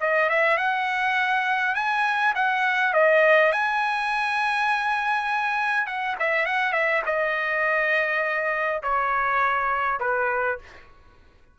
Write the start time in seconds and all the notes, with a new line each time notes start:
0.00 D#5
0.29 E5
0.57 F#5
1.75 G#5
2.35 F#5
2.93 D#5
3.52 G#5
5.86 F#5
6.19 E5
6.45 F#5
6.72 E5
7.05 D#5
8.82 C#5
9.99 B4